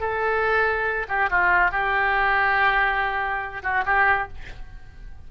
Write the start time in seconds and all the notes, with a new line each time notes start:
0.00 A4
1.08 G4
1.30 F4
1.71 G4
3.63 F#4
3.85 G4